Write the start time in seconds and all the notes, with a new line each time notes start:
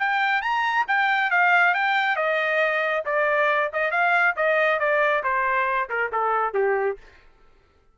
0.00 G5
0.42 A#5
0.88 G5
1.31 F5
1.75 G5
2.17 D#5
3.06 D5
3.74 D#5
3.92 F5
4.37 D#5
4.80 D5
5.24 C5
5.90 A#4
6.13 A4
6.54 G4